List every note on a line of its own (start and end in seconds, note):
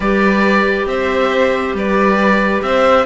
0.00 0.86 G3
0.00 3.06 G4
0.00 0.87 B4
0.00 0.87 D5
0.86 1.73 C4
0.86 1.76 C5
0.86 1.74 E5
1.74 2.61 G3
1.74 2.63 B4
1.74 2.62 D5
2.62 3.06 C4
2.62 3.06 C5
2.62 3.06 E5